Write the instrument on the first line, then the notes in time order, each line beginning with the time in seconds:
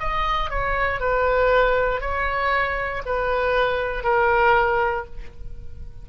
oboe
0.00 D#5
0.50 C#5
1.00 B4
2.01 C#5
3.06 B4
4.04 A#4